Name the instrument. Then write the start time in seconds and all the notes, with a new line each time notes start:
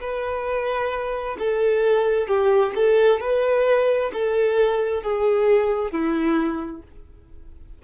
violin
0.00 B4
1.38 A4
2.27 G4
2.75 A4
3.20 B4
4.13 A4
5.02 G#4
5.91 E4